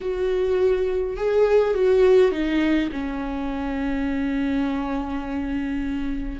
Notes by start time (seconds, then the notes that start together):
0.01 F#4
1.16 G#4
1.74 F#4
2.31 D#4
2.92 C#4